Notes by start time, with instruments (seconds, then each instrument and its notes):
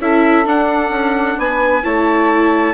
0.00 bassoon C#4, viola E4, saxophone A4, trumpet E5
0.45 viola D4, bassoon D4, trumpet F#5
0.89 bassoon C#4
1.38 bassoon B3, saxophone B4, trumpet G#5
1.83 bassoon A3, viola E4, saxophone C#5, trumpet A5